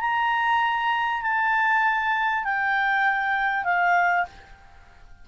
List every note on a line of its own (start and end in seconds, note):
0.00 1.21 A#5
1.21 2.44 A5
2.44 3.64 G5
3.64 4.25 F5